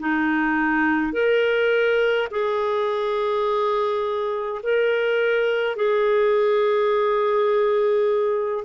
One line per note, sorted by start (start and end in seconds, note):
0.00 1.13 D#4
1.13 2.28 A#4
2.31 4.62 G#4
4.63 5.76 A#4
5.76 8.64 G#4